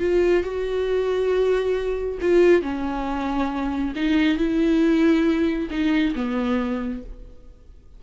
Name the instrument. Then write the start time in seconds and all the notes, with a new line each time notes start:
viola
0.00 F4
0.44 F#4
2.22 F4
2.62 C#4
3.96 D#4
4.38 E4
5.71 D#4
6.16 B3